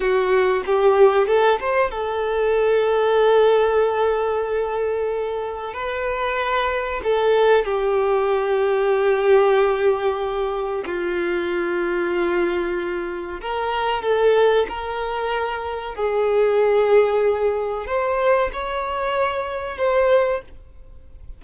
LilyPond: \new Staff \with { instrumentName = "violin" } { \time 4/4 \tempo 4 = 94 fis'4 g'4 a'8 c''8 a'4~ | a'1~ | a'4 b'2 a'4 | g'1~ |
g'4 f'2.~ | f'4 ais'4 a'4 ais'4~ | ais'4 gis'2. | c''4 cis''2 c''4 | }